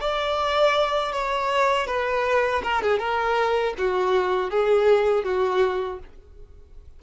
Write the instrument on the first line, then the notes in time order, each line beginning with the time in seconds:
violin
0.00 D5
1.12 C#5
1.86 B4
2.63 A#4
2.82 G#4
2.98 A#4
3.77 F#4
4.50 G#4
5.24 F#4